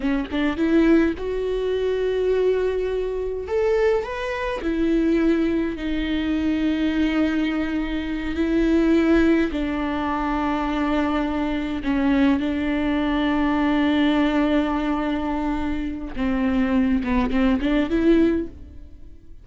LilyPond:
\new Staff \with { instrumentName = "viola" } { \time 4/4 \tempo 4 = 104 cis'8 d'8 e'4 fis'2~ | fis'2 a'4 b'4 | e'2 dis'2~ | dis'2~ dis'8 e'4.~ |
e'8 d'2.~ d'8~ | d'8 cis'4 d'2~ d'8~ | d'1 | c'4. b8 c'8 d'8 e'4 | }